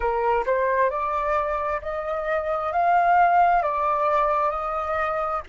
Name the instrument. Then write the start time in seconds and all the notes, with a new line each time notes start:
flute
0.00 A#4
0.45 C5
0.90 D5
1.81 D#5
2.72 F5
3.62 D5
4.50 D#5